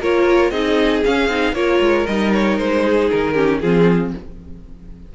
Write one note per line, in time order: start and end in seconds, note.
0.00 0.51 A#3
0.00 0.53 F4
0.00 0.52 A#4
0.00 0.51 C#5
0.51 1.02 C4
0.51 1.05 D#4
0.51 1.55 G#4
0.51 1.03 D#5
1.05 1.30 C#4
1.05 1.28 C#4
1.05 1.55 F5
1.28 1.54 C4
1.28 1.55 D#4
1.54 1.80 A#3
1.54 2.07 F4
1.54 2.84 A#4
1.54 2.07 C#5
1.81 2.06 G#3
2.07 2.59 G3
2.07 3.35 D#4
2.07 2.33 D#5
2.33 2.58 C#5
2.58 3.10 G#3
2.58 3.10 C5
2.84 3.34 G#4
3.11 3.62 D#3
3.11 3.60 A#4
3.34 3.61 C#4
3.34 3.60 G4
3.60 4.14 F3
3.60 4.16 C4
3.60 4.14 F4
3.60 4.12 G#4